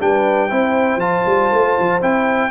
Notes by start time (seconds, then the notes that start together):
0.00 G3 D4 B4 G5
0.49 C4 E4 C5
0.96 F3 F4 A5
1.26 G3
1.51 A3
1.79 F3
2.01 C4 E4 G5